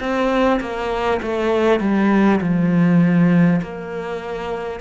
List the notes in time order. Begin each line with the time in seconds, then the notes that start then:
0.00 C4
0.61 A#3
1.22 A3
1.80 G3
2.41 F3
3.62 A#3